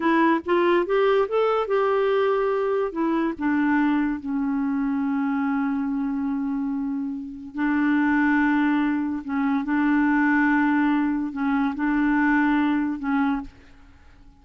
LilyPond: \new Staff \with { instrumentName = "clarinet" } { \time 4/4 \tempo 4 = 143 e'4 f'4 g'4 a'4 | g'2. e'4 | d'2 cis'2~ | cis'1~ |
cis'2 d'2~ | d'2 cis'4 d'4~ | d'2. cis'4 | d'2. cis'4 | }